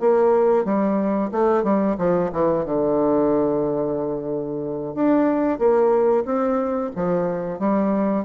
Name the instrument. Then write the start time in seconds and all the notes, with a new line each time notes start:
bassoon
0.00 A#3
0.65 G3
1.32 A3
1.64 G3
1.98 F3
2.33 E3
2.65 D3
4.95 D4
5.59 A#3
6.25 C4
6.96 F3
7.59 G3